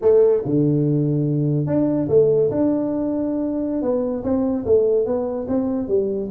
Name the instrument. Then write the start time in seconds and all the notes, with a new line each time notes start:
tuba
0.01 A3
0.45 D3
1.66 D4
2.09 A3
2.51 D4
3.82 B3
4.23 C4
4.65 A3
5.05 B3
5.48 C4
5.88 G3